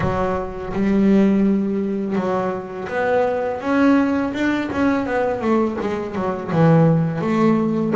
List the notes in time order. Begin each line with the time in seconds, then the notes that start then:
0.00 F#3
0.73 G3
2.15 F#3
2.88 B3
3.60 C#4
4.33 D4
4.72 C#4
5.05 B3
5.41 A3
5.80 G#3
6.14 F#3
6.52 E3
7.21 A3